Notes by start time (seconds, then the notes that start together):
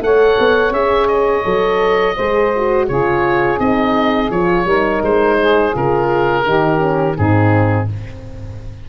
0.00 A3 A4 C#5 F#5
0.39 B3
0.71 C#4 G#4 E5
1.07 D#5
1.44 F#3 A4
2.15 G#3 G#4 C5
2.56 F#4
2.87 C#3 F4 G#4 C#5
3.58 C4 D#4 D#5
4.30 F3 F4 C#5
4.65 G3 D#4 A#4
5.02 G#3 C5
5.39 G#4
5.72 C#3 F4 A#4
6.44 D#3 D#4 G4
6.78 C#4
7.16 G#2 C4 D#4 G#4